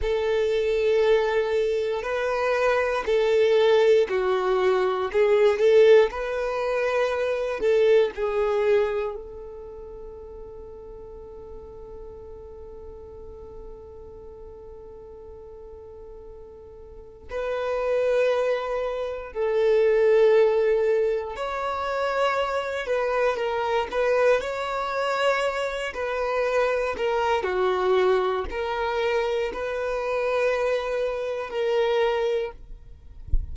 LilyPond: \new Staff \with { instrumentName = "violin" } { \time 4/4 \tempo 4 = 59 a'2 b'4 a'4 | fis'4 gis'8 a'8 b'4. a'8 | gis'4 a'2.~ | a'1~ |
a'4 b'2 a'4~ | a'4 cis''4. b'8 ais'8 b'8 | cis''4. b'4 ais'8 fis'4 | ais'4 b'2 ais'4 | }